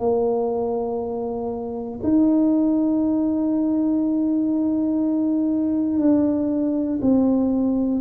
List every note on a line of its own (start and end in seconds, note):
0.00 2.00 A#3
2.04 6.00 D#4
6.00 7.00 D4
7.02 8.01 C4